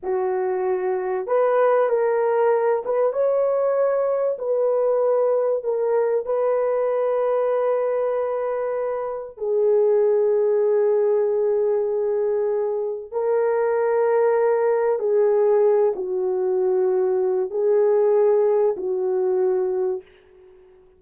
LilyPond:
\new Staff \with { instrumentName = "horn" } { \time 4/4 \tempo 4 = 96 fis'2 b'4 ais'4~ | ais'8 b'8 cis''2 b'4~ | b'4 ais'4 b'2~ | b'2. gis'4~ |
gis'1~ | gis'4 ais'2. | gis'4. fis'2~ fis'8 | gis'2 fis'2 | }